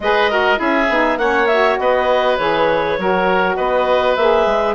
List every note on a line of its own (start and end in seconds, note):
0.00 0.58 G#3
0.00 0.30 G#4
0.00 0.30 B4
0.00 0.60 D#5
0.30 0.56 F#4
0.30 0.59 A#4
0.56 0.89 C#4
0.56 0.85 E4
0.56 1.18 G#4
0.56 1.18 E5
0.89 1.17 B3
0.89 1.19 D#4
1.17 1.76 A#3
1.17 1.49 C#4
1.17 1.79 C#5
1.17 1.46 F#5
1.46 2.38 F#4
1.46 1.76 E5
1.78 2.38 B3
1.78 2.99 B4
1.78 2.37 D#5
2.37 2.98 E3
2.37 2.98 G#4
2.37 3.55 C#5
2.98 3.57 F#3
2.98 4.17 F#4
2.98 3.56 A#4
3.56 4.16 B3
3.56 4.75 B4
3.56 4.15 D#5
4.16 4.46 A#3
4.16 4.75 G#4
4.16 4.75 E5
4.46 4.75 G#3